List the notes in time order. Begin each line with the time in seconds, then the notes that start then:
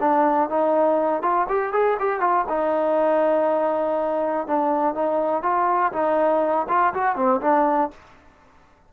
0.00 D4
0.50 D#4
1.23 F4
1.49 G4
1.73 G#4
2.00 G4
2.21 F4
2.49 D#4
4.47 D4
4.95 D#4
5.43 F4
5.93 D#4
6.69 F4
6.94 F#4
7.16 C4
7.41 D4